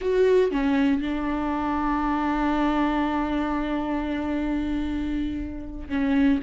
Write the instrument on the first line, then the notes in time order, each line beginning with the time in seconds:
viola
0.01 F#4
0.51 C#4
1.01 D4
5.89 C#4